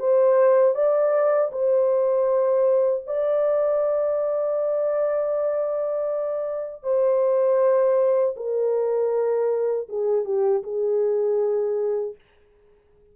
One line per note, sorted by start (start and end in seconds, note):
0.00 0.75 C5
0.75 1.51 D5
1.52 3.04 C5
3.07 6.84 D5
6.84 8.35 C5
8.37 9.89 A#4
9.89 10.25 G#4
10.25 10.63 G4
10.64 12.16 G#4